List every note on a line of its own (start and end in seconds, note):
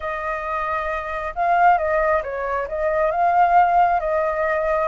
0.00 1.34 D#5
1.35 1.78 F5
1.78 2.22 D#5
2.23 2.67 C#5
2.68 3.11 D#5
3.11 4.00 F5
4.00 4.88 D#5